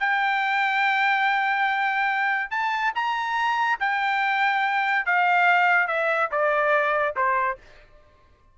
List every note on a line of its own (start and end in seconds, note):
0.00 2.51 G5
2.51 2.93 A5
2.95 3.79 A#5
3.80 5.06 G5
5.06 5.87 F5
5.87 6.29 E5
6.31 7.15 D5
7.16 7.58 C5